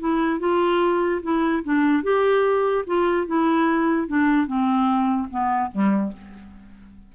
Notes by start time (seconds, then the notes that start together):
0.00 E4
0.40 F4
1.23 E4
1.64 D4
2.04 G4
2.87 F4
3.27 E4
4.08 D4
4.47 C4
5.31 B3
5.72 G3